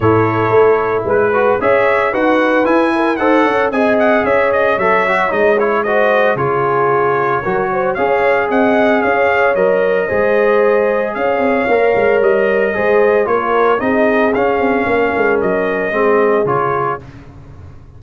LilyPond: <<
  \new Staff \with { instrumentName = "trumpet" } { \time 4/4 \tempo 4 = 113 cis''2 b'4 e''4 | fis''4 gis''4 fis''4 gis''8 fis''8 | e''8 dis''8 e''4 dis''8 cis''8 dis''4 | cis''2. f''4 |
fis''4 f''4 dis''2~ | dis''4 f''2 dis''4~ | dis''4 cis''4 dis''4 f''4~ | f''4 dis''2 cis''4 | }
  \new Staff \with { instrumentName = "horn" } { \time 4/4 a'2 b'4 cis''4 | b'4. ais'8 c''8 cis''8 dis''4 | cis''2. c''4 | gis'2 ais'8 c''8 cis''4 |
dis''4 cis''2 c''4~ | c''4 cis''2. | c''4 ais'4 gis'2 | ais'2 gis'2 | }
  \new Staff \with { instrumentName = "trombone" } { \time 4/4 e'2~ e'8 fis'8 gis'4 | fis'4 e'4 a'4 gis'4~ | gis'4 a'8 fis'8 dis'8 e'8 fis'4 | f'2 fis'4 gis'4~ |
gis'2 ais'4 gis'4~ | gis'2 ais'2 | gis'4 f'4 dis'4 cis'4~ | cis'2 c'4 f'4 | }
  \new Staff \with { instrumentName = "tuba" } { \time 4/4 a,4 a4 gis4 cis'4 | dis'4 e'4 dis'8 cis'8 c'4 | cis'4 fis4 gis2 | cis2 fis4 cis'4 |
c'4 cis'4 fis4 gis4~ | gis4 cis'8 c'8 ais8 gis8 g4 | gis4 ais4 c'4 cis'8 c'8 | ais8 gis8 fis4 gis4 cis4 | }
>>